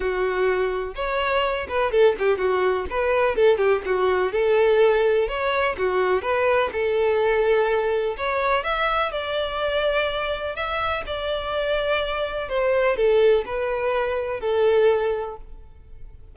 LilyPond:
\new Staff \with { instrumentName = "violin" } { \time 4/4 \tempo 4 = 125 fis'2 cis''4. b'8 | a'8 g'8 fis'4 b'4 a'8 g'8 | fis'4 a'2 cis''4 | fis'4 b'4 a'2~ |
a'4 cis''4 e''4 d''4~ | d''2 e''4 d''4~ | d''2 c''4 a'4 | b'2 a'2 | }